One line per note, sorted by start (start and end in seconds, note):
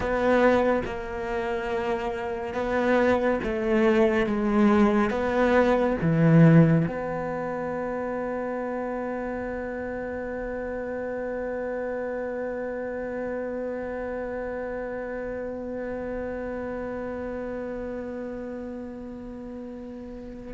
0.00 0.81 B3
0.85 2.54 A#3
2.54 3.39 B3
3.43 4.26 A3
4.26 5.10 G#3
5.10 5.96 B3
6.01 6.87 E3
6.87 20.54 B3